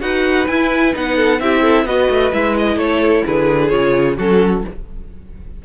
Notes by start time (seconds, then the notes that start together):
0.00 D#4 F#4 B4 F#5
0.47 E4 G#5
0.93 B3 D#4 F#5
1.16 A4
1.40 C4 E4 G4 E5
1.61 A4
1.85 B3 F#4 B4 D#5
2.09 A3
2.32 G#3 E4 E5
2.58 D#5
2.76 A3 A4 C#5
3.26 D3 G#4 B4
3.68 C#3 F4 C#5
4.16 F#3 C#4 F#4 A4